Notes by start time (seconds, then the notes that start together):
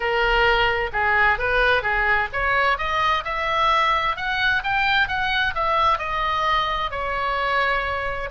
0.00 A#4
0.92 G#4
1.38 B4
1.82 G#4
2.32 C#5
2.78 D#5
3.24 E5
4.16 F#5
4.63 G5
5.07 F#5
5.54 E5
5.98 D#5
6.91 C#5